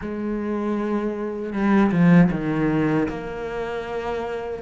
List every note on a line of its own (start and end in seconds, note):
0.01 1.52 G#3
1.52 1.91 G3
1.91 2.30 F3
2.31 3.08 D#3
3.08 4.62 A#3